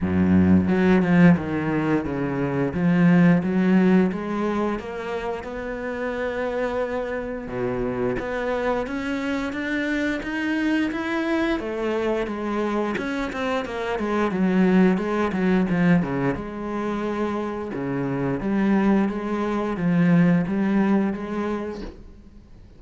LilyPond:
\new Staff \with { instrumentName = "cello" } { \time 4/4 \tempo 4 = 88 fis,4 fis8 f8 dis4 cis4 | f4 fis4 gis4 ais4 | b2. b,4 | b4 cis'4 d'4 dis'4 |
e'4 a4 gis4 cis'8 c'8 | ais8 gis8 fis4 gis8 fis8 f8 cis8 | gis2 cis4 g4 | gis4 f4 g4 gis4 | }